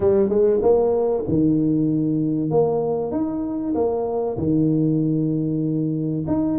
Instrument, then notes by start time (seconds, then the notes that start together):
tuba
0.00 G3
0.29 G#3
0.61 A#3
1.28 D#3
2.50 A#3
3.11 D#4
3.74 A#3
4.37 D#3
6.27 D#4